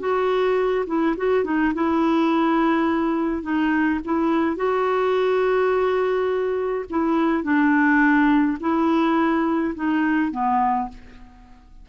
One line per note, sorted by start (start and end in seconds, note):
0.00 0.86 F#4
0.87 1.16 E4
1.17 1.45 F#4
1.45 1.73 D#4
1.74 3.43 E4
3.43 4.00 D#4
4.05 4.57 E4
4.57 6.85 F#4
6.90 7.44 E4
7.44 8.58 D4
8.61 9.75 E4
9.75 10.32 D#4
10.32 10.89 B3